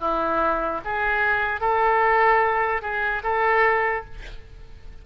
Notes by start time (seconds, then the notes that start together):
0.00 E4
0.84 G#4
1.60 A4
2.82 G#4
3.23 A4